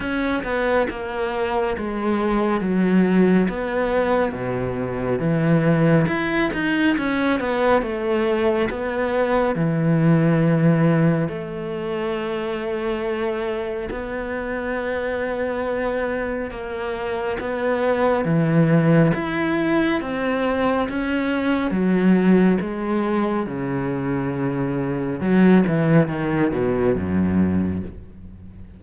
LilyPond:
\new Staff \with { instrumentName = "cello" } { \time 4/4 \tempo 4 = 69 cis'8 b8 ais4 gis4 fis4 | b4 b,4 e4 e'8 dis'8 | cis'8 b8 a4 b4 e4~ | e4 a2. |
b2. ais4 | b4 e4 e'4 c'4 | cis'4 fis4 gis4 cis4~ | cis4 fis8 e8 dis8 b,8 fis,4 | }